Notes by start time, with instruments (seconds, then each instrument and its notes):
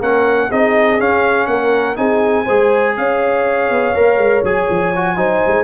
0.00 tuba A#3, trombone C#4, horn A#4, trumpet F#5
0.49 tuba C4, trombone D#4, horn G#4, trumpet D#5
0.99 trombone C#4, tuba C#4, trumpet F5
1.47 tuba A#3, horn A#4, trumpet F#5
1.96 tuba C4, trombone D#4, horn G#4, trumpet G#5
2.45 tuba G#3, trombone G#4, horn C5
2.97 tuba C#4, horn C#5, trumpet F5
3.70 tuba B3
3.95 tuba A#3, trombone A#4
4.18 tuba G#3
4.44 tuba F#3, trombone G#4, trumpet G#5
4.70 tuba F3
4.96 trombone F#4
5.16 tuba F#3, trombone D#4, horn C5
5.47 tuba G#3